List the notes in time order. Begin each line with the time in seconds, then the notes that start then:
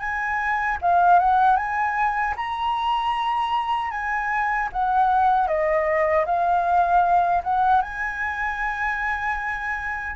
0.00 G#5
0.82 F5
1.19 F#5
1.57 G#5
2.37 A#5
3.91 G#5
4.73 F#5
5.48 D#5
6.26 F5
7.44 F#5
7.82 G#5